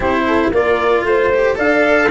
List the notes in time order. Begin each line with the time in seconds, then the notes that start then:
0.00 C4 E4 G4 C5
0.26 A4
0.51 A#3 F4 A#4 D5
1.03 A3 C5
1.33 G4
1.55 D4 A4 D5 F5